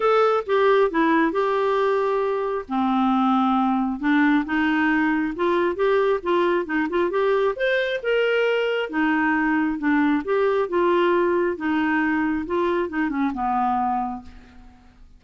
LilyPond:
\new Staff \with { instrumentName = "clarinet" } { \time 4/4 \tempo 4 = 135 a'4 g'4 e'4 g'4~ | g'2 c'2~ | c'4 d'4 dis'2 | f'4 g'4 f'4 dis'8 f'8 |
g'4 c''4 ais'2 | dis'2 d'4 g'4 | f'2 dis'2 | f'4 dis'8 cis'8 b2 | }